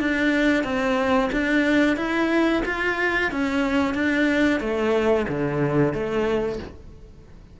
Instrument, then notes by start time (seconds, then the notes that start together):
cello
0.00 D4
0.64 C4
1.32 D4
1.97 E4
2.66 F4
3.31 C#4
3.94 D4
4.60 A3
5.28 D3
5.93 A3